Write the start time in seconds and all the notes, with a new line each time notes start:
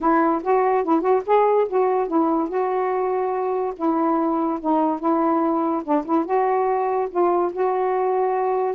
0.00 E4
0.43 F#4
0.84 E4
1.01 F#4
1.26 G#4
1.68 F#4
2.07 E4
2.48 F#4
3.76 E4
4.60 D#4
4.99 E4
5.84 D4
6.05 E4
6.25 F#4
7.10 F4
7.52 F#4